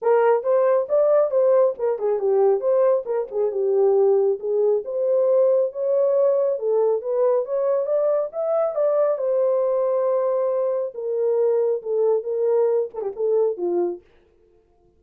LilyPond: \new Staff \with { instrumentName = "horn" } { \time 4/4 \tempo 4 = 137 ais'4 c''4 d''4 c''4 | ais'8 gis'8 g'4 c''4 ais'8 gis'8 | g'2 gis'4 c''4~ | c''4 cis''2 a'4 |
b'4 cis''4 d''4 e''4 | d''4 c''2.~ | c''4 ais'2 a'4 | ais'4. a'16 g'16 a'4 f'4 | }